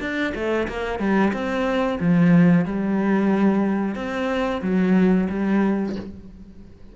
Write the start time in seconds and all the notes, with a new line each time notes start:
0.00 D4
0.34 A3
0.68 A#3
0.99 G3
1.33 C4
2.00 F3
2.65 G3
3.95 C4
4.62 F#3
5.29 G3